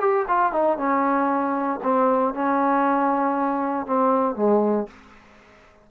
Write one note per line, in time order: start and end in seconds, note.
0.00 0.26 G4
0.28 0.52 F4
0.52 0.77 D#4
0.77 1.80 C#4
1.83 2.34 C4
2.34 3.86 C#4
3.86 4.36 C4
4.36 4.87 G#3